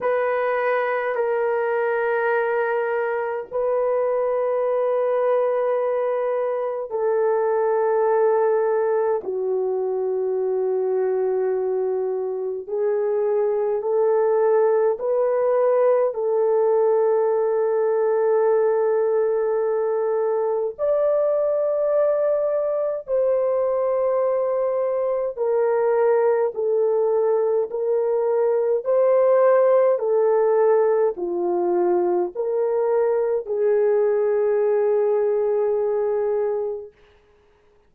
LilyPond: \new Staff \with { instrumentName = "horn" } { \time 4/4 \tempo 4 = 52 b'4 ais'2 b'4~ | b'2 a'2 | fis'2. gis'4 | a'4 b'4 a'2~ |
a'2 d''2 | c''2 ais'4 a'4 | ais'4 c''4 a'4 f'4 | ais'4 gis'2. | }